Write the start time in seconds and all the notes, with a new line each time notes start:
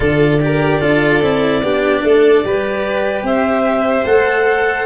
0.00 D3 F4 A4 D5
0.40 G4 A#4
0.80 D4 F4 A4
1.22 C4 E4
1.62 B3 D4 G4
2.03 A3 A4
2.44 G3 G4 B4
3.22 C4 C5 E5
4.04 A3 A4 F#5